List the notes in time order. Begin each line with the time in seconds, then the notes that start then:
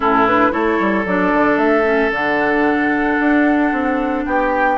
0.00 A2 C#4 E4 A4
0.26 D4 B4
0.51 A3 E4 A4 C#5
0.79 G3
1.05 F#3 D4 D5
1.33 D3
1.57 A3 E5
1.83 C#4
2.10 D3 D4 F#5
3.20 D4
3.72 C4
4.25 B3 G4 G5